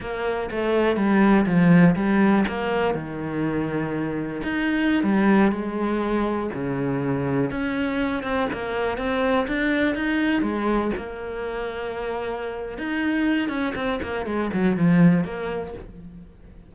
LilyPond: \new Staff \with { instrumentName = "cello" } { \time 4/4 \tempo 4 = 122 ais4 a4 g4 f4 | g4 ais4 dis2~ | dis4 dis'4~ dis'16 g4 gis8.~ | gis4~ gis16 cis2 cis'8.~ |
cis'8. c'8 ais4 c'4 d'8.~ | d'16 dis'4 gis4 ais4.~ ais16~ | ais2 dis'4. cis'8 | c'8 ais8 gis8 fis8 f4 ais4 | }